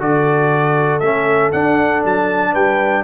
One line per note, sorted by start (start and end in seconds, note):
0.00 1.02 D3
0.00 1.02 F#4
0.00 2.52 A4
0.00 1.00 D5
1.00 1.53 A3
1.00 1.54 C#4
1.00 1.51 E5
1.52 3.04 D4
1.52 2.05 D4
1.52 2.03 F#5
2.05 2.56 F#3
2.05 2.55 A5
2.52 3.04 G3
2.52 3.03 B4
2.52 3.04 G5